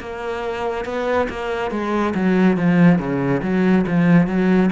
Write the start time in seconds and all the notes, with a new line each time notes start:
0.00 A#3
0.85 B3
1.30 A#3
1.71 G#3
2.15 F#3
2.58 F3
2.99 C#3
3.43 F#3
3.87 F3
4.27 F#3